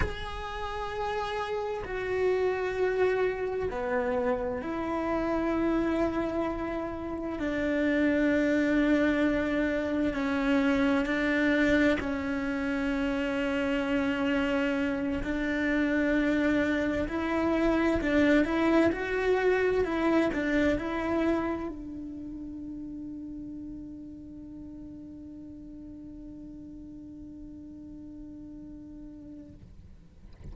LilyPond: \new Staff \with { instrumentName = "cello" } { \time 4/4 \tempo 4 = 65 gis'2 fis'2 | b4 e'2. | d'2. cis'4 | d'4 cis'2.~ |
cis'8 d'2 e'4 d'8 | e'8 fis'4 e'8 d'8 e'4 d'8~ | d'1~ | d'1 | }